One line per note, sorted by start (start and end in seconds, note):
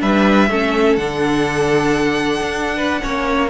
0.00 0.50 G3
0.00 0.48 D4
0.00 0.50 B4
0.00 0.97 E5
0.50 0.98 A3
0.50 1.00 C#4
0.50 2.77 A4
0.97 2.41 D3
0.97 3.01 D4
0.97 3.49 F#5
2.41 3.01 D4
2.77 3.01 B4
3.01 3.50 A#3
3.01 3.49 C#4
3.01 3.50 C#5